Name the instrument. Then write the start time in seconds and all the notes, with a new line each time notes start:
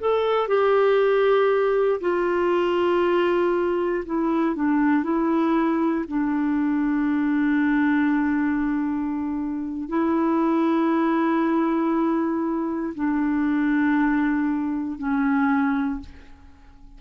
clarinet
0.00 A4
0.48 G4
2.01 F4
4.06 E4
4.56 D4
5.03 E4
6.08 D4
9.89 E4
12.95 D4
14.99 C#4